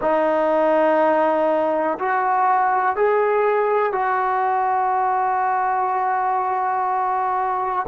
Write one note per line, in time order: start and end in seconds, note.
0.01 1.98 D#4
1.99 2.96 F#4
2.96 3.92 G#4
3.92 7.86 F#4